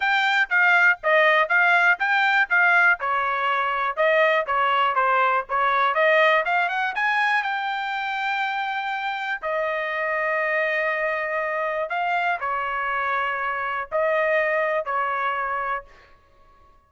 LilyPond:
\new Staff \with { instrumentName = "trumpet" } { \time 4/4 \tempo 4 = 121 g''4 f''4 dis''4 f''4 | g''4 f''4 cis''2 | dis''4 cis''4 c''4 cis''4 | dis''4 f''8 fis''8 gis''4 g''4~ |
g''2. dis''4~ | dis''1 | f''4 cis''2. | dis''2 cis''2 | }